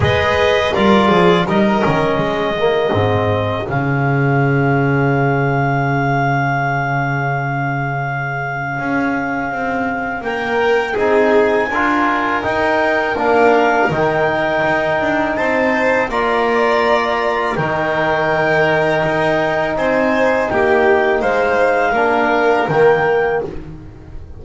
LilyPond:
<<
  \new Staff \with { instrumentName = "clarinet" } { \time 4/4 \tempo 4 = 82 dis''4 d''4 dis''2~ | dis''4 f''2.~ | f''1~ | f''2 g''4 gis''4~ |
gis''4 g''4 f''4 g''4~ | g''4 a''4 ais''2 | g''2. gis''4 | g''4 f''2 g''4 | }
  \new Staff \with { instrumentName = "violin" } { \time 4/4 b'4 ais'8 gis'8 ais'4 gis'4~ | gis'1~ | gis'1~ | gis'2 ais'4 gis'4 |
ais'1~ | ais'4 c''4 d''2 | ais'2. c''4 | g'4 c''4 ais'2 | }
  \new Staff \with { instrumentName = "trombone" } { \time 4/4 gis'4 f'4 dis'8 cis'4 ais8 | c'4 cis'2.~ | cis'1~ | cis'2. dis'4 |
f'4 dis'4 d'4 dis'4~ | dis'2 f'2 | dis'1~ | dis'2 d'4 ais4 | }
  \new Staff \with { instrumentName = "double bass" } { \time 4/4 gis4 g8 f8 g8 dis8 gis4 | gis,4 cis2.~ | cis1 | cis'4 c'4 ais4 c'4 |
d'4 dis'4 ais4 dis4 | dis'8 d'8 c'4 ais2 | dis2 dis'4 c'4 | ais4 gis4 ais4 dis4 | }
>>